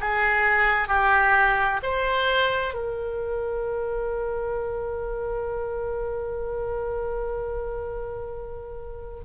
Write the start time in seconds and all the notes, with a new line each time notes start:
0.00 G#4
0.88 G4
1.83 C5
2.74 A#4